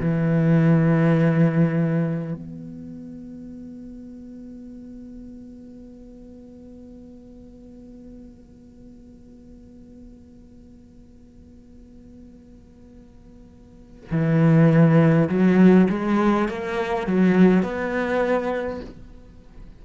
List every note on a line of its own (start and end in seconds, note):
0.00 2.34 E3
2.34 14.10 B3
14.11 15.29 E3
15.29 15.88 F#3
15.89 16.48 G#3
16.48 17.06 A#3
17.06 17.63 F#3
17.63 18.80 B3